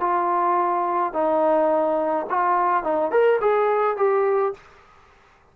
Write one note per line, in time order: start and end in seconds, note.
0.00 1.13 F4
1.13 2.27 D#4
2.30 2.84 F4
2.84 3.11 D#4
3.11 3.40 A#4
3.41 3.97 G#4
3.97 4.54 G4